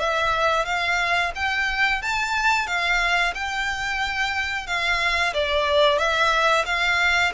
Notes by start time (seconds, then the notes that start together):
0.00 E5
0.66 F5
1.36 G5
2.03 A5
2.68 F5
3.35 G5
4.67 F5
5.34 D5
5.99 E5
6.66 F5